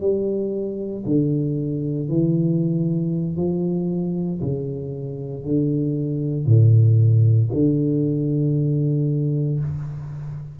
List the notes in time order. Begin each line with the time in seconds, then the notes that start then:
0.00 G3
1.05 D3
2.08 E3
3.37 F3
4.41 C#3
5.44 D3
6.45 A2
7.52 D3